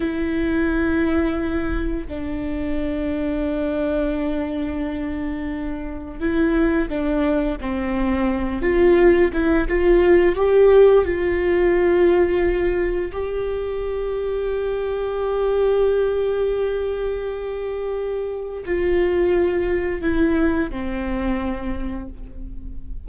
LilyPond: \new Staff \with { instrumentName = "viola" } { \time 4/4 \tempo 4 = 87 e'2. d'4~ | d'1~ | d'4 e'4 d'4 c'4~ | c'8 f'4 e'8 f'4 g'4 |
f'2. g'4~ | g'1~ | g'2. f'4~ | f'4 e'4 c'2 | }